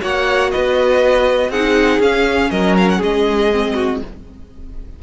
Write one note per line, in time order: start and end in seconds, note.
0.00 0.52 A#3
0.00 1.50 F#4
0.00 0.51 C#5
0.00 0.51 F#5
0.51 1.49 B3
0.51 1.50 B4
0.51 1.51 D#5
1.49 1.99 C4
1.49 2.02 D#4
1.49 2.50 G#4
1.49 2.01 F#5
1.99 2.49 C#4
1.99 3.51 C#4
1.99 2.50 F5
2.50 3.01 F#3
2.50 2.98 A#4
2.50 2.75 D#5
2.77 2.89 F5
2.89 3.01 F#5
2.98 4.01 G#3
2.98 3.73 G#4
2.98 4.02 D#5
3.51 4.01 C4
3.74 3.99 F#4